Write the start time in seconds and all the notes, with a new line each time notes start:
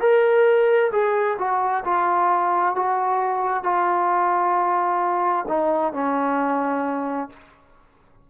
0.00 A#4
0.92 G#4
1.38 F#4
1.85 F4
2.75 F#4
3.64 F4
5.48 D#4
5.93 C#4